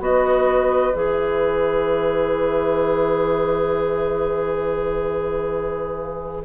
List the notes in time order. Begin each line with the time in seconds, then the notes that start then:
0.00 B3 F#4 B4 D#5
0.94 E3 G#4 E5